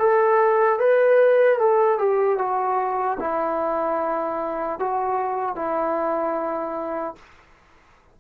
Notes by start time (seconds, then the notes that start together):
0.00 A4
0.80 B4
1.59 A4
1.99 G4
2.39 F#4
3.20 E4
4.80 F#4
5.56 E4